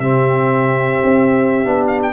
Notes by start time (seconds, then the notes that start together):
0.00 C3 C4 G4 E5
1.04 C4
1.65 B3 D4
1.88 F5
2.03 G5